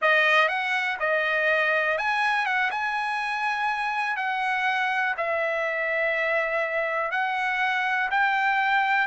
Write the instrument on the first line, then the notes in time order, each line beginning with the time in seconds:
trumpet
0.01 D#5
0.48 F#5
0.99 D#5
1.98 G#5
2.45 F#5
2.70 G#5
4.16 F#5
5.17 E5
7.11 F#5
8.10 G5